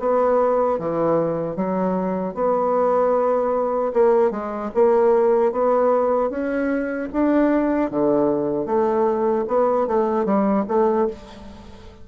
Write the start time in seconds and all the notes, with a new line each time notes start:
0.00 B3
0.79 E3
1.56 F#3
2.35 B3
3.93 A#3
4.31 G#3
4.75 A#3
5.52 B3
6.30 C#4
7.13 D4
7.91 D3
8.66 A3
9.48 B3
9.88 A3
10.26 G3
10.68 A3